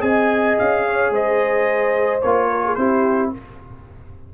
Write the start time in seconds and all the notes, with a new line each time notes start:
0.00 C4 G#4 D#5 G#5
0.58 C#4 F5
0.87 C#5
1.11 G#3 C5 D#5
2.22 A#3 F4 C#5
2.50 A#4
2.65 G#4
2.75 C4 E4 G4 C5